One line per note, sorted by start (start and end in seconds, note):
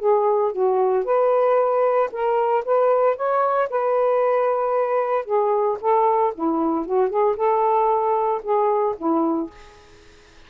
0.00 0.53 G#4
0.53 1.05 F#4
1.05 2.10 B4
2.12 2.65 A#4
2.65 3.17 B4
3.17 3.69 C#5
3.70 5.26 B4
5.26 5.78 G#4
5.81 6.34 A4
6.35 6.86 E4
6.86 7.10 F#4
7.10 7.36 G#4
7.37 8.42 A4
8.43 8.96 G#4
8.98 9.51 E4